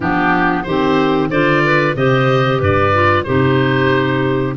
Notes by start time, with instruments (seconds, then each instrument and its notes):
0.00 tuba F3, clarinet B3 D4, oboe G4
0.63 tuba D#3, clarinet C4 G4, oboe C5
1.29 tuba D3, clarinet F4 C5, oboe D5
1.64 clarinet B4
1.95 tuba C3, clarinet G4 C5, oboe D#5
2.59 tuba G2, clarinet B4, oboe D5
2.93 clarinet F4
3.23 tuba C3, clarinet D#4 G4, oboe C5